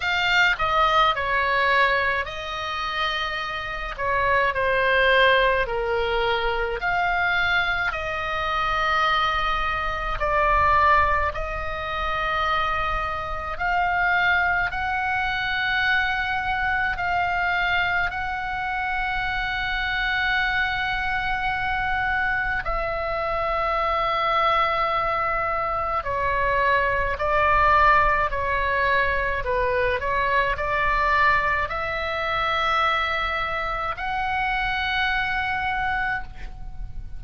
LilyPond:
\new Staff \with { instrumentName = "oboe" } { \time 4/4 \tempo 4 = 53 f''8 dis''8 cis''4 dis''4. cis''8 | c''4 ais'4 f''4 dis''4~ | dis''4 d''4 dis''2 | f''4 fis''2 f''4 |
fis''1 | e''2. cis''4 | d''4 cis''4 b'8 cis''8 d''4 | e''2 fis''2 | }